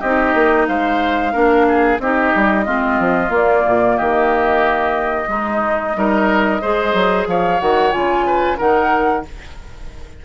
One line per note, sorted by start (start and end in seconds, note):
0.00 0.34 C4
0.00 1.33 D#4
0.00 0.66 G4
0.00 0.66 D#5
0.34 0.67 A#3
0.67 1.34 G#3
0.67 1.32 C5
0.67 1.99 F5
1.32 1.99 A#3
1.32 1.98 D4
1.32 1.65 A#4
1.68 2.01 G#4
1.99 2.32 C4
1.99 2.65 D#4
1.99 2.65 G4
1.99 3.32 D#5
2.35 2.67 G3
2.65 2.99 G#3
2.65 3.28 C4
2.65 3.96 F4
2.99 3.29 F3
3.28 5.26 A#3
3.28 3.62 A#3
3.35 3.97 D5
3.66 3.99 A#2
3.96 5.28 D#3
3.96 5.28 G4
3.96 7.27 D#5
5.28 5.94 G#3
5.28 5.96 D#4
5.94 6.61 G3
5.94 6.59 D#4
5.94 6.61 A#4
6.61 6.94 G#3
6.61 7.59 G#4
6.61 7.27 C5
6.94 7.27 F#3
7.27 7.60 F3
7.27 8.26 C#5
7.27 7.60 F5
7.59 7.94 D#3
7.59 7.91 F#4
7.59 7.92 F#5
7.91 8.59 C#3
7.91 8.57 F4
7.91 8.58 G#5
8.26 8.57 B4
8.57 9.25 D#3
8.57 9.23 D#4
8.57 9.23 A#4
8.57 9.25 F#5